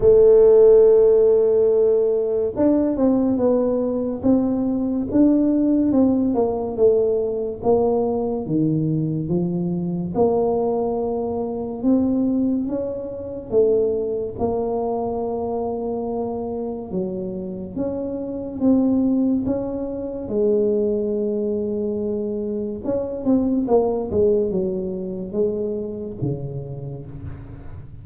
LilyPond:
\new Staff \with { instrumentName = "tuba" } { \time 4/4 \tempo 4 = 71 a2. d'8 c'8 | b4 c'4 d'4 c'8 ais8 | a4 ais4 dis4 f4 | ais2 c'4 cis'4 |
a4 ais2. | fis4 cis'4 c'4 cis'4 | gis2. cis'8 c'8 | ais8 gis8 fis4 gis4 cis4 | }